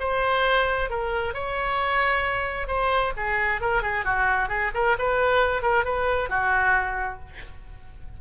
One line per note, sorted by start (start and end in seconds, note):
0.00 0.90 C5
0.90 1.34 A#4
1.34 2.68 C#5
2.68 3.13 C5
3.17 3.62 G#4
3.62 3.83 A#4
3.83 4.05 G#4
4.05 4.49 F#4
4.49 4.71 G#4
4.75 4.97 A#4
4.99 5.63 B4
5.63 5.85 A#4
5.85 6.30 B4
6.30 7.20 F#4